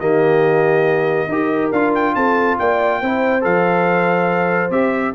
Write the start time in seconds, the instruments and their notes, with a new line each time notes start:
0.00 tuba D#3, trombone A#3, horn G4, trumpet D#5
1.29 tuba D#4, trombone G4, horn A#4
1.72 tuba D4, trombone F4, trumpet F5
1.95 trumpet G5
2.15 tuba C4, horn A4, trumpet A5
2.59 tuba A#3, horn D5, trumpet G5
3.02 tuba C4, trombone E4, horn C5
3.42 tuba F3, trombone A4, trumpet F5
4.71 tuba C4, trombone G4, trumpet E5